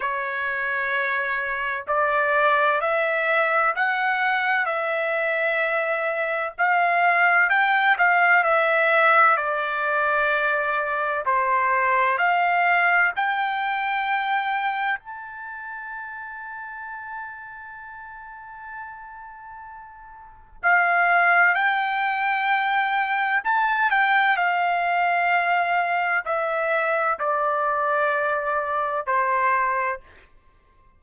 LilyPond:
\new Staff \with { instrumentName = "trumpet" } { \time 4/4 \tempo 4 = 64 cis''2 d''4 e''4 | fis''4 e''2 f''4 | g''8 f''8 e''4 d''2 | c''4 f''4 g''2 |
a''1~ | a''2 f''4 g''4~ | g''4 a''8 g''8 f''2 | e''4 d''2 c''4 | }